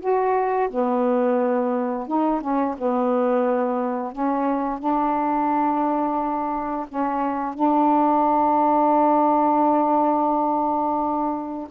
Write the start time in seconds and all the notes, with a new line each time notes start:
0.00 F#4
0.70 B3
2.07 D#4
2.41 C#4
2.78 B3
4.12 C#4
4.79 D4
6.89 C#4
7.54 D4